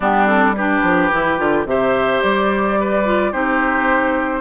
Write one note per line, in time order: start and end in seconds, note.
0.00 0.80 G3
0.00 0.25 B3
0.00 0.55 D4
0.00 0.27 G4
0.25 0.53 C4
0.25 0.55 A4
0.55 1.12 D4
0.55 1.67 G4
0.55 1.66 B4
0.82 1.10 F3
1.12 1.39 E3
1.12 1.37 E4
1.37 1.64 D3
1.37 1.65 F4
1.64 2.20 C3
1.64 3.05 G4
1.64 2.80 C5
1.64 2.21 E5
2.21 3.33 G3
2.21 3.32 D5
2.80 3.32 B4
3.05 3.32 F4
3.32 4.41 C4
3.32 4.41 D#4
3.32 4.41 G4
3.32 4.41 C5